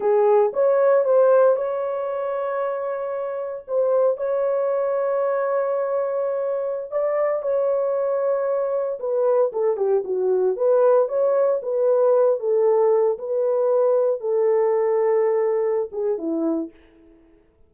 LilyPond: \new Staff \with { instrumentName = "horn" } { \time 4/4 \tempo 4 = 115 gis'4 cis''4 c''4 cis''4~ | cis''2. c''4 | cis''1~ | cis''4~ cis''16 d''4 cis''4.~ cis''16~ |
cis''4~ cis''16 b'4 a'8 g'8 fis'8.~ | fis'16 b'4 cis''4 b'4. a'16~ | a'4~ a'16 b'2 a'8.~ | a'2~ a'8 gis'8 e'4 | }